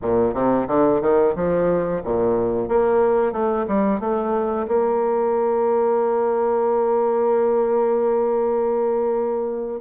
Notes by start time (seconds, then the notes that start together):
0.02 A#2
0.34 C3
0.67 D3
1.01 D#3
1.35 F3
2.04 A#2
2.68 A#3
3.32 A3
3.67 G3
4.00 A3
4.67 A#3